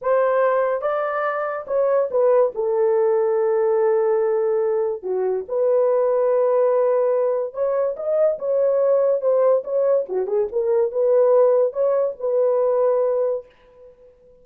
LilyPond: \new Staff \with { instrumentName = "horn" } { \time 4/4 \tempo 4 = 143 c''2 d''2 | cis''4 b'4 a'2~ | a'1 | fis'4 b'2.~ |
b'2 cis''4 dis''4 | cis''2 c''4 cis''4 | fis'8 gis'8 ais'4 b'2 | cis''4 b'2. | }